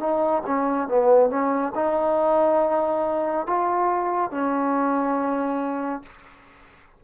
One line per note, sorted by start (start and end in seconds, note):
0.00 0.43 D#4
0.46 0.88 C#4
0.88 1.30 B3
1.30 1.73 C#4
1.75 3.47 D#4
3.47 4.31 F4
4.31 6.03 C#4